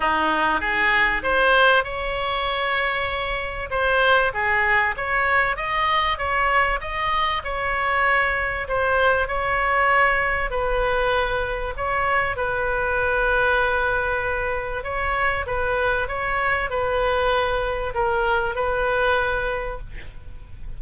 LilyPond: \new Staff \with { instrumentName = "oboe" } { \time 4/4 \tempo 4 = 97 dis'4 gis'4 c''4 cis''4~ | cis''2 c''4 gis'4 | cis''4 dis''4 cis''4 dis''4 | cis''2 c''4 cis''4~ |
cis''4 b'2 cis''4 | b'1 | cis''4 b'4 cis''4 b'4~ | b'4 ais'4 b'2 | }